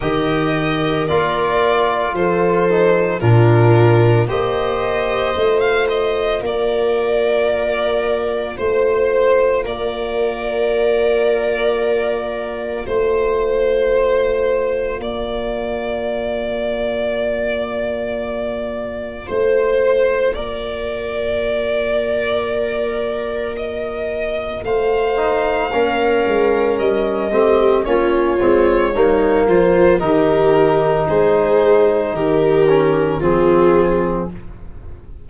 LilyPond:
<<
  \new Staff \with { instrumentName = "violin" } { \time 4/4 \tempo 4 = 56 dis''4 d''4 c''4 ais'4 | dis''4~ dis''16 f''16 dis''8 d''2 | c''4 d''2. | c''2 d''2~ |
d''2 c''4 d''4~ | d''2 dis''4 f''4~ | f''4 dis''4 cis''4. c''8 | ais'4 c''4 ais'4 gis'4 | }
  \new Staff \with { instrumentName = "viola" } { \time 4/4 ais'2 a'4 f'4 | c''2 ais'2 | c''4 ais'2. | c''2 ais'2~ |
ais'2 c''4 ais'4~ | ais'2. c''4 | ais'4. g'8 f'4 dis'8 f'8 | g'4 gis'4 g'4 f'4 | }
  \new Staff \with { instrumentName = "trombone" } { \time 4/4 g'4 f'4. dis'8 d'4 | g'4 f'2.~ | f'1~ | f'1~ |
f'1~ | f'2.~ f'8 dis'8 | cis'4. c'8 cis'8 c'8 ais4 | dis'2~ dis'8 cis'8 c'4 | }
  \new Staff \with { instrumentName = "tuba" } { \time 4/4 dis4 ais4 f4 ais,4 | ais4 a4 ais2 | a4 ais2. | a2 ais2~ |
ais2 a4 ais4~ | ais2. a4 | ais8 gis8 g8 a8 ais8 gis8 g8 f8 | dis4 gis4 dis4 f4 | }
>>